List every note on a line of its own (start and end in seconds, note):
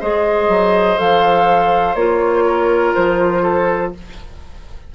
0.00 0.48 G#3
0.00 0.97 G#4
0.00 2.45 C5
0.00 0.98 D#5
0.48 0.98 F#3
0.97 1.95 F3
0.97 1.95 A4
0.97 1.95 F5
1.95 2.93 A#3
1.95 3.94 F4
1.95 2.94 C#5
2.45 3.42 A#4
2.95 3.95 F3
2.95 3.93 C5
3.42 3.92 A4